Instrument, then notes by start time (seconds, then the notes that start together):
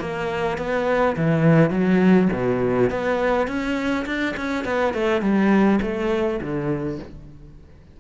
cello
0.00 A#3
0.58 B3
1.17 E3
1.70 F#3
2.33 B2
2.90 B3
3.47 C#4
4.06 D4
4.37 C#4
4.65 B3
4.94 A3
5.21 G3
5.82 A3
6.41 D3